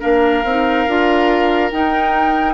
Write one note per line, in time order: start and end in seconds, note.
0.00 0.44 A#3
0.00 0.43 D4
0.00 2.54 A#4
0.00 1.70 F5
0.44 0.86 C4
0.44 0.88 D#4
0.87 1.71 D4
0.87 1.70 F4
1.70 2.54 D#4
1.70 2.54 G5